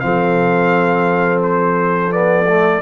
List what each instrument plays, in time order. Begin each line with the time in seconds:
0.00 tuba F3, trombone C4, horn A4, trumpet F5
1.43 trumpet C5
2.11 trombone B3, trumpet D5
2.47 trombone A3